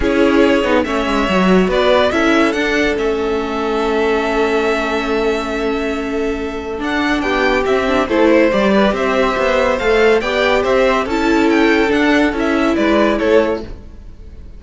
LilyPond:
<<
  \new Staff \with { instrumentName = "violin" } { \time 4/4 \tempo 4 = 141 cis''2 e''2 | d''4 e''4 fis''4 e''4~ | e''1~ | e''1 |
fis''4 g''4 e''4 c''4 | d''4 e''2 f''4 | g''4 e''4 a''4 g''4 | fis''4 e''4 d''4 cis''4 | }
  \new Staff \with { instrumentName = "violin" } { \time 4/4 gis'2 cis''2 | b'4 a'2.~ | a'1~ | a'1~ |
a'4 g'2 a'8 c''8~ | c''8 b'8 c''2. | d''4 c''4 a'2~ | a'2 b'4 a'4 | }
  \new Staff \with { instrumentName = "viola" } { \time 4/4 e'4. dis'8 cis'4 fis'4~ | fis'4 e'4 d'4 cis'4~ | cis'1~ | cis'1 |
d'2 c'8 d'8 e'4 | g'2. a'4 | g'2 e'2 | d'4 e'2. | }
  \new Staff \with { instrumentName = "cello" } { \time 4/4 cis'4. b8 a8 gis8 fis4 | b4 cis'4 d'4 a4~ | a1~ | a1 |
d'4 b4 c'4 a4 | g4 c'4 b4 a4 | b4 c'4 cis'2 | d'4 cis'4 gis4 a4 | }
>>